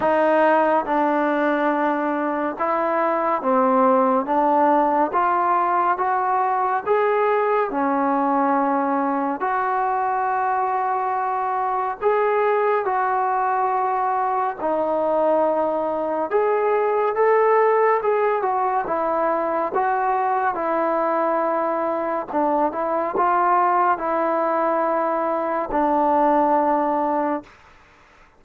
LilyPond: \new Staff \with { instrumentName = "trombone" } { \time 4/4 \tempo 4 = 70 dis'4 d'2 e'4 | c'4 d'4 f'4 fis'4 | gis'4 cis'2 fis'4~ | fis'2 gis'4 fis'4~ |
fis'4 dis'2 gis'4 | a'4 gis'8 fis'8 e'4 fis'4 | e'2 d'8 e'8 f'4 | e'2 d'2 | }